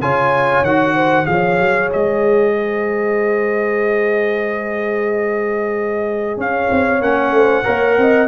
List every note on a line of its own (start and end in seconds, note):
0.00 0.62 C#3
0.00 0.65 F4
0.00 0.95 C#5
0.00 0.64 G#5
0.62 1.26 D#3
0.62 1.25 F#4
0.62 1.26 F#5
0.95 1.27 C5
1.25 1.60 F3
1.25 7.00 G#4
1.25 2.55 C#5
1.25 1.89 F5
1.60 1.92 F#3
1.93 6.37 G#3
1.93 6.40 D#5
2.55 6.37 C5
6.37 6.69 C#4
6.37 7.33 C#5
6.37 7.02 F5
6.71 7.01 C4
7.01 7.31 A#3
7.01 7.64 C#4
7.01 8.28 F#5
7.31 7.63 A3
7.31 7.65 C5
7.64 7.98 A#3
7.64 8.28 A#4
7.64 7.97 C#5
7.98 8.28 C4
7.98 8.28 D#5